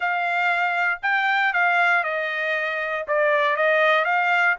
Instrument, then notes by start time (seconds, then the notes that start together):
trumpet
0.00 F5
1.02 G5
1.53 F5
2.03 D#5
3.07 D5
3.56 D#5
4.04 F5